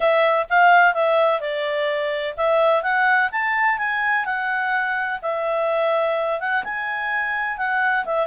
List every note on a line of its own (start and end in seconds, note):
0.00 0.46 E5
0.49 0.94 F5
0.94 1.40 E5
1.40 2.35 D5
2.36 2.82 E5
2.82 3.30 F#5
3.31 3.78 A5
3.78 4.25 G#5
4.25 5.19 F#5
5.22 6.40 E5
6.40 6.63 F#5
6.64 7.57 G#5
7.57 8.04 F#5
8.05 8.27 E5